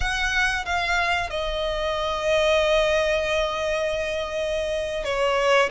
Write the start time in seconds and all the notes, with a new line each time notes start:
0.00 F#5
0.65 F5
1.30 D#5
5.04 C#5